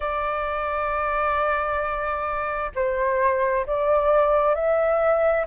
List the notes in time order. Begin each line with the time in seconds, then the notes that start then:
0.00 D5
2.75 C5
3.66 D5
4.55 E5